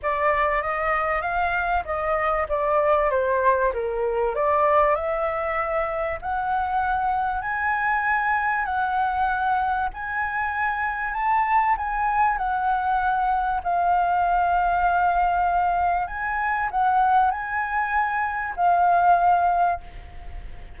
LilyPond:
\new Staff \with { instrumentName = "flute" } { \time 4/4 \tempo 4 = 97 d''4 dis''4 f''4 dis''4 | d''4 c''4 ais'4 d''4 | e''2 fis''2 | gis''2 fis''2 |
gis''2 a''4 gis''4 | fis''2 f''2~ | f''2 gis''4 fis''4 | gis''2 f''2 | }